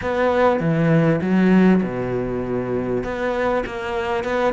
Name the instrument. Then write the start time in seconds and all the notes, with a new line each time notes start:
cello
0.01 B3
0.60 E3
1.21 F#3
1.83 B2
3.03 B3
3.66 A#3
4.24 B3